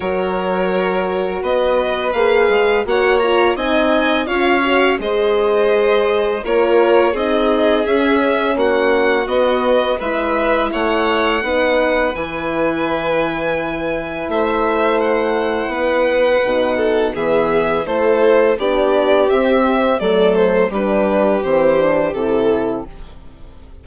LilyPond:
<<
  \new Staff \with { instrumentName = "violin" } { \time 4/4 \tempo 4 = 84 cis''2 dis''4 f''4 | fis''8 ais''8 gis''4 f''4 dis''4~ | dis''4 cis''4 dis''4 e''4 | fis''4 dis''4 e''4 fis''4~ |
fis''4 gis''2. | e''4 fis''2. | e''4 c''4 d''4 e''4 | d''8 c''8 b'4 c''4 a'4 | }
  \new Staff \with { instrumentName = "violin" } { \time 4/4 ais'2 b'2 | cis''4 dis''4 cis''4 c''4~ | c''4 ais'4 gis'2 | fis'2 b'4 cis''4 |
b'1 | c''2 b'4. a'8 | gis'4 a'4 g'2 | a'4 g'2. | }
  \new Staff \with { instrumentName = "horn" } { \time 4/4 fis'2. gis'4 | fis'8 f'8 dis'4 f'8 fis'8 gis'4~ | gis'4 f'4 dis'4 cis'4~ | cis'4 b4 e'2 |
dis'4 e'2.~ | e'2. dis'4 | b4 e'4 d'4 c'4 | a4 d'4 c'8 d'8 e'4 | }
  \new Staff \with { instrumentName = "bassoon" } { \time 4/4 fis2 b4 ais8 gis8 | ais4 c'4 cis'4 gis4~ | gis4 ais4 c'4 cis'4 | ais4 b4 gis4 a4 |
b4 e2. | a2 b4 b,4 | e4 a4 b4 c'4 | fis4 g4 e4 c4 | }
>>